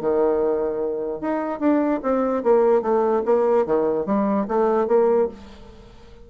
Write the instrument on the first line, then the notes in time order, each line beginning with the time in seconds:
bassoon
0.00 D#3
1.20 D#4
1.59 D4
2.03 C4
2.43 A#3
2.82 A3
3.25 A#3
3.66 D#3
4.06 G3
4.48 A3
4.87 A#3